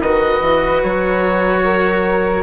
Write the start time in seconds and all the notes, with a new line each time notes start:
0.00 D#3 F#4 B4 D#5
0.41 E3
0.82 F#3 C#5
1.64 A#4